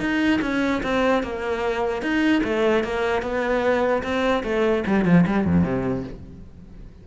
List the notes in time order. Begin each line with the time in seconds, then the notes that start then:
0.00 D#4
0.41 C#4
0.83 C4
1.23 A#3
2.02 D#4
2.44 A3
2.84 A#3
3.22 B3
4.03 C4
4.43 A3
4.87 G3
5.05 F3
5.27 G3
5.45 F2
5.63 C3